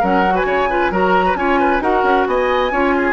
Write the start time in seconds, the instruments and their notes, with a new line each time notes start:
0.00 bassoon F#3, clarinet C#4, oboe A#4, flute F#5
0.29 clarinet F#4
0.35 oboe B4, flute G#5
0.44 bassoon C#3, oboe C#5
0.69 clarinet F4, oboe B4
0.91 bassoon F#3, clarinet F#4, oboe A#4, flute A#5
1.26 oboe B4
1.35 bassoon C#4, clarinet F4, oboe C#5, flute G#5
1.60 oboe B4
1.80 bassoon D#4, clarinet F#4, oboe A#4, flute F#5
2.03 bassoon C#4
2.27 bassoon B3, oboe D#5, flute G#5
2.72 bassoon C#4, clarinet F4, oboe C#5
2.97 oboe G#4